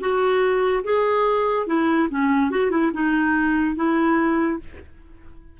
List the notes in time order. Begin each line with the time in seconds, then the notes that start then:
0.00 F#4
0.84 G#4
1.67 E4
2.09 C#4
2.50 F#4
2.70 E4
2.93 D#4
3.76 E4